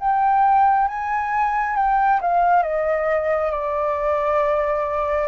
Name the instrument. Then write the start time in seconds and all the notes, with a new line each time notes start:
flute
0.00 G5
0.88 G#5
1.76 G5
2.21 F5
2.63 D#5
3.51 D5